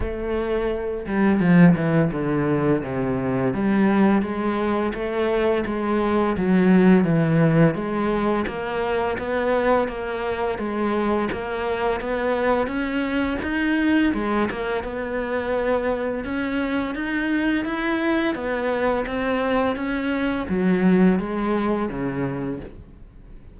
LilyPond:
\new Staff \with { instrumentName = "cello" } { \time 4/4 \tempo 4 = 85 a4. g8 f8 e8 d4 | c4 g4 gis4 a4 | gis4 fis4 e4 gis4 | ais4 b4 ais4 gis4 |
ais4 b4 cis'4 dis'4 | gis8 ais8 b2 cis'4 | dis'4 e'4 b4 c'4 | cis'4 fis4 gis4 cis4 | }